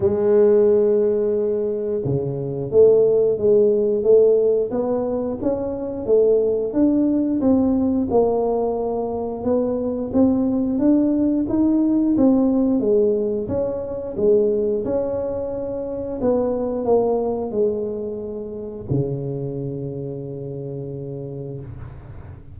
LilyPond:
\new Staff \with { instrumentName = "tuba" } { \time 4/4 \tempo 4 = 89 gis2. cis4 | a4 gis4 a4 b4 | cis'4 a4 d'4 c'4 | ais2 b4 c'4 |
d'4 dis'4 c'4 gis4 | cis'4 gis4 cis'2 | b4 ais4 gis2 | cis1 | }